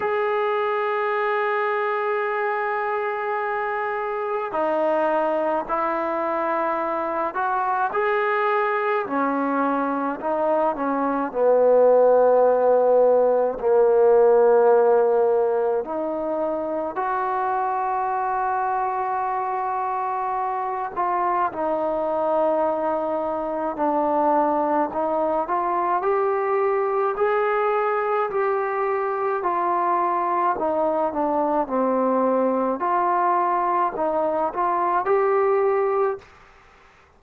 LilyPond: \new Staff \with { instrumentName = "trombone" } { \time 4/4 \tempo 4 = 53 gis'1 | dis'4 e'4. fis'8 gis'4 | cis'4 dis'8 cis'8 b2 | ais2 dis'4 fis'4~ |
fis'2~ fis'8 f'8 dis'4~ | dis'4 d'4 dis'8 f'8 g'4 | gis'4 g'4 f'4 dis'8 d'8 | c'4 f'4 dis'8 f'8 g'4 | }